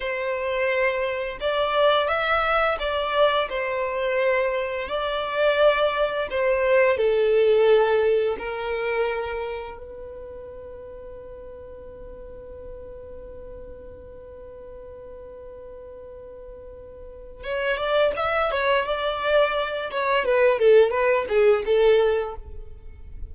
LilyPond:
\new Staff \with { instrumentName = "violin" } { \time 4/4 \tempo 4 = 86 c''2 d''4 e''4 | d''4 c''2 d''4~ | d''4 c''4 a'2 | ais'2 b'2~ |
b'1~ | b'1~ | b'4 cis''8 d''8 e''8 cis''8 d''4~ | d''8 cis''8 b'8 a'8 b'8 gis'8 a'4 | }